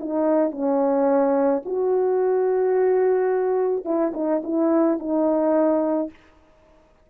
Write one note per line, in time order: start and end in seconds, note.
0.00 0.52 D#4
0.52 1.63 C#4
1.66 3.85 F#4
3.85 4.13 E4
4.14 4.42 D#4
4.44 4.99 E4
4.99 6.10 D#4